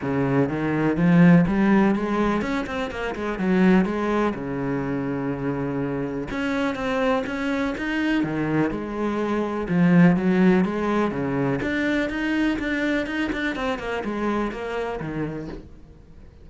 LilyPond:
\new Staff \with { instrumentName = "cello" } { \time 4/4 \tempo 4 = 124 cis4 dis4 f4 g4 | gis4 cis'8 c'8 ais8 gis8 fis4 | gis4 cis2.~ | cis4 cis'4 c'4 cis'4 |
dis'4 dis4 gis2 | f4 fis4 gis4 cis4 | d'4 dis'4 d'4 dis'8 d'8 | c'8 ais8 gis4 ais4 dis4 | }